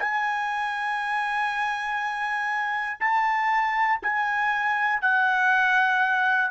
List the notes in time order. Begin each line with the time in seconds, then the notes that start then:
0.00 G#5
3.00 A5
4.03 G#5
5.01 F#5